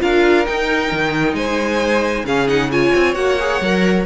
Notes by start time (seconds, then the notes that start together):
0.00 D4 F4 A#4 F5
0.46 D#4 G5
0.92 D#3
1.34 G#3 C5 G#5
2.25 C#3 C#4 G#4 F5
2.48 D#4 F#5
2.71 F4 C#5 G#5
2.96 C4
3.15 A#3 F#4 F#5
3.40 G#4
3.61 F#3 A#4